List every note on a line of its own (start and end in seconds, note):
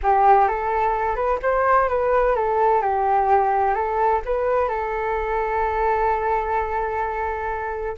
0.02 0.48 G4
0.48 1.15 A4
1.15 1.38 B4
1.42 1.89 C5
1.89 2.35 B4
2.35 2.81 A4
2.81 3.74 G4
3.74 4.21 A4
4.25 4.68 B4
4.68 7.96 A4